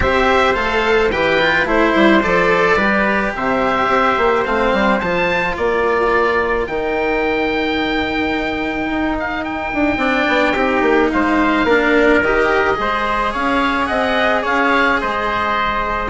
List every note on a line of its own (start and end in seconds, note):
0.00 0.55 C4
0.00 0.54 G4
0.00 1.12 C5
0.00 0.54 E5
0.54 1.11 A3
0.54 1.09 A4
0.54 1.10 F5
1.11 1.64 E3
1.11 1.39 G4
1.11 1.67 B4
1.11 1.66 G5
1.40 1.65 F4
1.64 1.92 A3
1.64 2.21 E4
1.64 2.76 C5
1.64 2.22 C5
1.95 2.22 G3
2.22 2.76 F3
2.22 2.78 A4
2.22 3.33 D5
2.76 3.31 G3
2.76 4.45 G4
2.76 3.32 B4
3.35 3.87 C3
3.35 5.55 C5
3.35 4.44 E5
3.87 4.15 C4
4.17 4.45 A#3
4.44 4.72 A3
4.44 5.00 C4
4.44 5.00 F5
4.72 5.00 G3
5.00 5.57 F3
5.00 6.69 F4
5.00 5.55 A5
5.55 6.67 A#3
5.55 9.99 A#4
5.55 6.66 D5
6.66 8.89 D#3
6.66 9.98 D#4
6.66 9.16 G5
8.89 9.73 D#4
9.19 9.44 F5
9.44 11.10 G5
9.73 9.96 D4
9.96 10.24 C4
9.96 10.54 D4
9.96 10.53 D5
10.28 10.54 B3
10.53 10.81 C4
10.53 11.67 D#4
10.53 11.09 G4
10.81 11.09 A#3
11.11 11.63 G#3
11.11 11.65 C5
11.11 12.22 F5
11.63 12.19 A#3
11.63 12.23 D4
11.63 12.76 A#4
12.21 12.77 D#3
12.21 12.74 G4
12.21 13.33 D#5
12.74 13.34 G#3
12.74 16.07 G#4
12.80 13.32 C5
13.32 13.89 C#4
13.32 13.87 C#5
13.32 13.86 F5
13.86 14.45 C4
13.86 14.42 D#5
13.86 14.41 F#5
14.42 15.01 C#4
14.42 14.98 C#5
14.42 15.00 F5
15.00 16.10 G#3
15.00 16.10 C5
15.00 16.10 D#5